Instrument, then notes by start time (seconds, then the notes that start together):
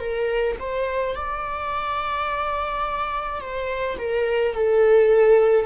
viola
0.00 A#4
0.60 C5
1.16 D5
3.41 C5
3.98 A#4
4.55 A4